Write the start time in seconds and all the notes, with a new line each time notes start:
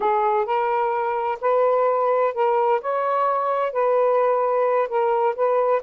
0.00 G#4
0.45 A#4
1.40 B4
2.34 A#4
2.81 C#5
3.72 B4
4.88 A#4
5.35 B4